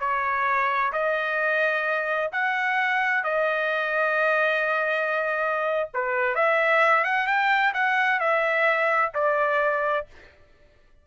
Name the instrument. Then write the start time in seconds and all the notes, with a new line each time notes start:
trumpet
0.00 C#5
0.93 D#5
2.32 F#5
3.24 D#5
5.94 B4
6.35 E5
7.04 F#5
7.27 G5
7.74 F#5
8.20 E5
9.14 D5